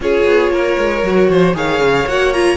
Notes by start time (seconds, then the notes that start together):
0.00 C#4 F4 G#4 C#5
0.25 B3
0.50 A#3 A#4
0.78 G#3
1.03 F#3 F#4
1.29 F3 C5
1.54 D#3 G#4 C#5 F5
1.79 C#3
2.06 A#3 F#4 F#5
2.32 F4 A#5